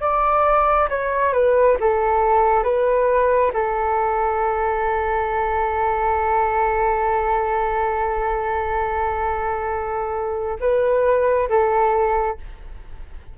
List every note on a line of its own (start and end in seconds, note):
0.00 0.88 D5
0.89 1.33 C#5
1.33 1.77 B4
1.80 2.63 A4
2.63 3.51 B4
3.53 10.59 A4
10.60 11.48 B4
11.49 12.37 A4